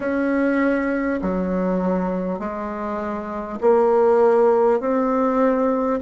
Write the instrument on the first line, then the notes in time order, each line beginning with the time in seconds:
bassoon
0.00 C#4
1.21 F#3
2.39 G#3
3.60 A#3
4.79 C4